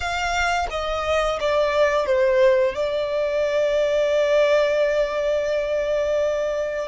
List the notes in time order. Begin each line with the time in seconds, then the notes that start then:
0.00 F5
0.70 D#5
1.39 D5
2.05 C5
2.75 D5